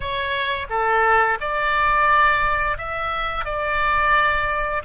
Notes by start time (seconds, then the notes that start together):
0.00 C#5
0.69 A4
1.40 D5
2.77 E5
3.45 D5